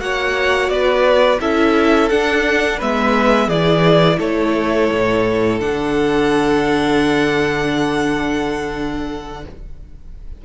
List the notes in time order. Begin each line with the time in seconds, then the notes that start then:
0.00 A#3 F#4 C#5 F#5
0.69 B3 B4 D5
1.41 C#4 E4 A4 E5
2.10 D4 F#5
2.77 G#3 B3 B4 E5
3.47 E3 E4 G#4 D5
4.18 A3 A4 C#5
4.91 A2
5.60 D3 D4 F#5